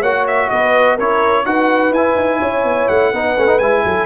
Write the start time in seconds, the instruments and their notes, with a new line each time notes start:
0.00 tuba A#3, trombone F#4, horn C#5, trumpet F#5
0.27 trumpet E5
0.49 tuba B3, horn B4, trumpet D#5
0.95 tuba C#4, trombone E4, horn A#4, trumpet C#5
1.45 tuba D#4, trombone F#4, horn B4, trumpet F#5
1.91 tuba E4, trombone E4, trumpet G#5
2.16 tuba D#4
2.39 tuba C#4, horn C#5
2.63 tuba B3
2.88 tuba A3, trumpet F#5
3.12 tuba B3, trombone D#4, horn B4
3.37 tuba A3, trombone C#4
3.46 trombone D#4
3.58 tuba G#3, trombone E4, trumpet G#5
3.84 tuba F#3, horn A4